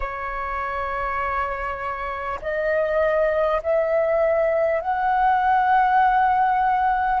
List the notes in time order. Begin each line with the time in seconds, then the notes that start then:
0.00 C#5
2.41 D#5
3.63 E5
4.81 F#5